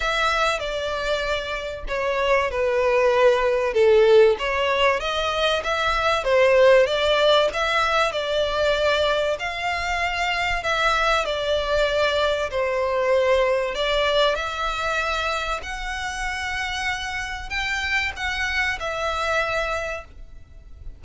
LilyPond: \new Staff \with { instrumentName = "violin" } { \time 4/4 \tempo 4 = 96 e''4 d''2 cis''4 | b'2 a'4 cis''4 | dis''4 e''4 c''4 d''4 | e''4 d''2 f''4~ |
f''4 e''4 d''2 | c''2 d''4 e''4~ | e''4 fis''2. | g''4 fis''4 e''2 | }